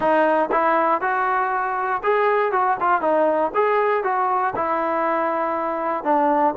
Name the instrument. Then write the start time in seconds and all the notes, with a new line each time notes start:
trombone
0.00 D#4
0.51 E4
1.01 F#4
2.03 G#4
2.52 F#4
2.80 F4
3.01 D#4
3.54 G#4
4.03 F#4
4.55 E4
6.04 D4